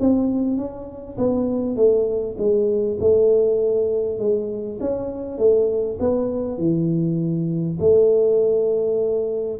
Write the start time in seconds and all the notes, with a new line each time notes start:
0.00 C4
0.57 C#4
1.18 B3
1.76 A3
2.38 G#3
3.00 A3
4.18 G#3
4.81 C#4
5.38 A3
5.99 B3
6.58 E3
7.79 A3